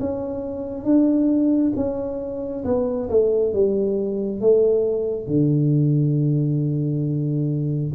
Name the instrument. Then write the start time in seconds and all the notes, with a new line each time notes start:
tuba
0.00 C#4
0.84 D4
1.76 C#4
2.65 B3
3.09 A3
3.53 G3
4.41 A3
5.27 D3